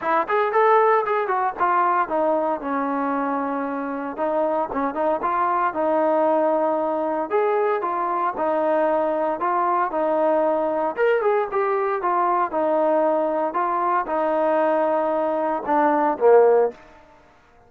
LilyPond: \new Staff \with { instrumentName = "trombone" } { \time 4/4 \tempo 4 = 115 e'8 gis'8 a'4 gis'8 fis'8 f'4 | dis'4 cis'2. | dis'4 cis'8 dis'8 f'4 dis'4~ | dis'2 gis'4 f'4 |
dis'2 f'4 dis'4~ | dis'4 ais'8 gis'8 g'4 f'4 | dis'2 f'4 dis'4~ | dis'2 d'4 ais4 | }